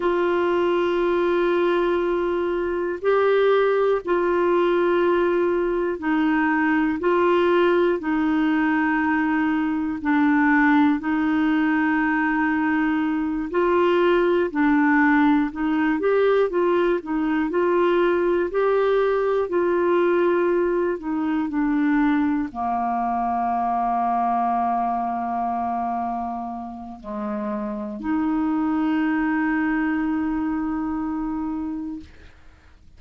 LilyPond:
\new Staff \with { instrumentName = "clarinet" } { \time 4/4 \tempo 4 = 60 f'2. g'4 | f'2 dis'4 f'4 | dis'2 d'4 dis'4~ | dis'4. f'4 d'4 dis'8 |
g'8 f'8 dis'8 f'4 g'4 f'8~ | f'4 dis'8 d'4 ais4.~ | ais2. gis4 | dis'1 | }